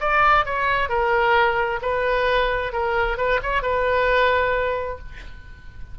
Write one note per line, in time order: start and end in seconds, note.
0.00 0.45 D5
0.45 0.89 C#5
0.89 1.80 A#4
1.82 2.73 B4
2.73 3.17 A#4
3.17 3.40 B4
3.43 3.62 C#5
3.62 4.99 B4